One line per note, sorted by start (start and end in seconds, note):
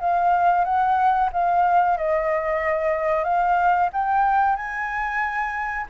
0.00 0.65 F5
0.65 1.30 F#5
1.33 1.97 F5
1.97 3.24 D#5
3.24 3.90 F5
3.93 4.56 G5
4.56 5.87 G#5